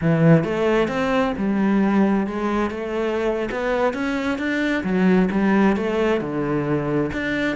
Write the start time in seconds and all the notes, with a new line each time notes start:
0.01 E3
0.43 A3
0.88 C4
1.37 G3
2.26 G#3
2.70 A3
3.51 B3
3.93 C#4
4.38 D4
4.83 F#3
5.31 G3
5.76 A3
6.21 D3
7.12 D4